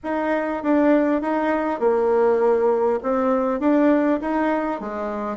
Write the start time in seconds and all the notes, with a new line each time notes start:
0.03 D#4
0.63 D4
1.21 D#4
1.79 A#3
3.02 C4
3.59 D4
4.20 D#4
4.80 G#3